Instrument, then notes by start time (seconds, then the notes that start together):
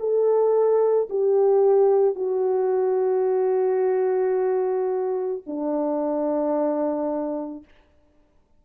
horn
0.00 A4
1.10 G4
2.15 F#4
5.46 D4